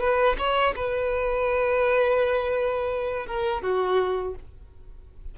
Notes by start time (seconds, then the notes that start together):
0.00 B4
0.38 C#5
0.76 B4
3.26 A#4
3.62 F#4